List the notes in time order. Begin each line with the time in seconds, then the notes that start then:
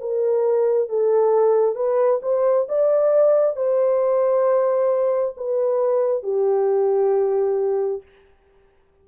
0.00 A#4
0.88 A4
1.75 B4
2.22 C5
2.68 D5
3.56 C5
5.37 B4
6.23 G4